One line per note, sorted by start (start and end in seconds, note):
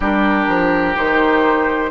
0.00 0.46 G3
0.00 0.95 D4
0.00 1.90 G4
0.00 0.95 A#4
0.47 0.94 F3
0.95 1.90 D#3
0.95 1.90 D#4
0.95 1.90 C5